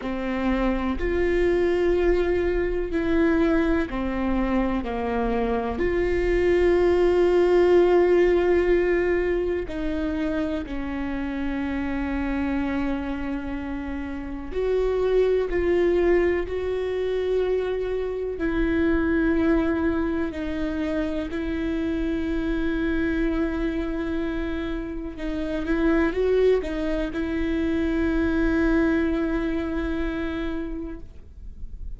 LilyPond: \new Staff \with { instrumentName = "viola" } { \time 4/4 \tempo 4 = 62 c'4 f'2 e'4 | c'4 ais4 f'2~ | f'2 dis'4 cis'4~ | cis'2. fis'4 |
f'4 fis'2 e'4~ | e'4 dis'4 e'2~ | e'2 dis'8 e'8 fis'8 dis'8 | e'1 | }